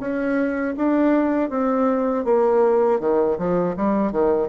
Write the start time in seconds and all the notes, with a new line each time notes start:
0.00 C#4
0.77 D4
1.50 C4
2.25 A#3
3.00 D#3
3.38 F3
3.77 G3
4.12 D#3